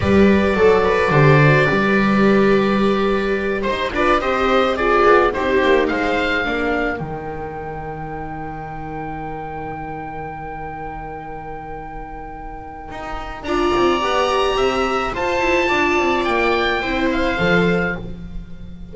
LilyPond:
<<
  \new Staff \with { instrumentName = "oboe" } { \time 4/4 \tempo 4 = 107 d''1~ | d''2~ d''8 c''8 d''8 dis''8~ | dis''8 d''4 c''4 f''4.~ | f''8 g''2.~ g''8~ |
g''1~ | g''1 | ais''2. a''4~ | a''4 g''4. f''4. | }
  \new Staff \with { instrumentName = "viola" } { \time 4/4 b'4 a'8 b'8 c''4 b'4~ | b'2~ b'8 c''8 b'8 c''8~ | c''8 gis'4 g'4 c''4 ais'8~ | ais'1~ |
ais'1~ | ais'1 | d''2 e''4 c''4 | d''2 c''2 | }
  \new Staff \with { instrumentName = "viola" } { \time 4/4 g'4 a'4 g'8 fis'8 g'4~ | g'2. f'8 g'8~ | g'8 f'4 dis'2 d'8~ | d'8 dis'2.~ dis'8~ |
dis'1~ | dis'1 | f'4 g'2 f'4~ | f'2 e'4 a'4 | }
  \new Staff \with { instrumentName = "double bass" } { \time 4/4 g4 fis4 d4 g4~ | g2~ g8 dis'8 d'8 c'8~ | c'4 b8 c'8 ais8 gis4 ais8~ | ais8 dis2.~ dis8~ |
dis1~ | dis2. dis'4 | d'8 c'8 b4 c'4 f'8 e'8 | d'8 c'8 ais4 c'4 f4 | }
>>